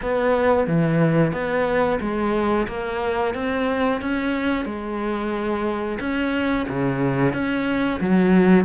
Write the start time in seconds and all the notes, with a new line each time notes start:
0.02 B3
0.67 E3
1.32 B3
2.00 G#3
2.67 A#3
3.34 C4
4.01 C#4
4.65 G#3
5.99 C#4
6.68 C#3
7.33 C#4
8.00 F#3